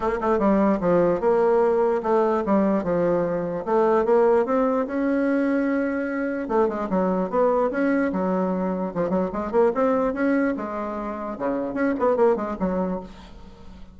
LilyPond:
\new Staff \with { instrumentName = "bassoon" } { \time 4/4 \tempo 4 = 148 ais8 a8 g4 f4 ais4~ | ais4 a4 g4 f4~ | f4 a4 ais4 c'4 | cis'1 |
a8 gis8 fis4 b4 cis'4 | fis2 f8 fis8 gis8 ais8 | c'4 cis'4 gis2 | cis4 cis'8 b8 ais8 gis8 fis4 | }